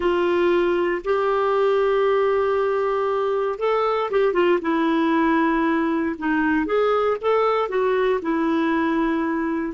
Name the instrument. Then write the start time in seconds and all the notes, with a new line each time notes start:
clarinet
0.00 F4
1.04 G4
3.59 A4
4.10 G4
4.33 F4
4.61 E4
6.18 D#4
6.66 G#4
7.21 A4
7.69 F#4
8.22 E4